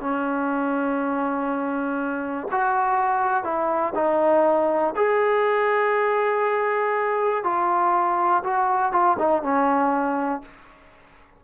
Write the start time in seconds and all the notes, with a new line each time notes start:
0.00 C#4
2.51 F#4
3.44 E4
3.95 D#4
4.96 G#4
7.44 F4
8.44 F#4
8.92 F4
9.19 D#4
9.43 C#4